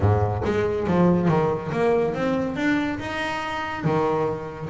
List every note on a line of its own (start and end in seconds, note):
0.00 0.42 G#2
0.45 0.87 G#3
0.87 1.28 F3
1.28 1.70 D#3
1.72 2.14 A#3
2.14 2.56 C4
2.56 2.98 D4
2.99 3.84 D#4
3.84 4.69 D#3